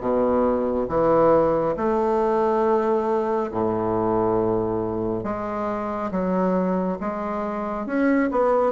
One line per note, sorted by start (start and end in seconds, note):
0.00 0.87 B2
0.88 1.75 E3
1.76 3.50 A3
3.51 5.23 A2
5.23 6.10 G#3
6.11 6.98 F#3
7.00 7.86 G#3
7.86 8.29 C#4
8.31 8.72 B3